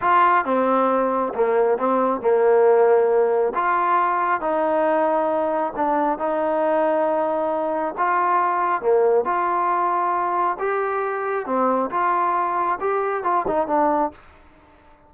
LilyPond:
\new Staff \with { instrumentName = "trombone" } { \time 4/4 \tempo 4 = 136 f'4 c'2 ais4 | c'4 ais2. | f'2 dis'2~ | dis'4 d'4 dis'2~ |
dis'2 f'2 | ais4 f'2. | g'2 c'4 f'4~ | f'4 g'4 f'8 dis'8 d'4 | }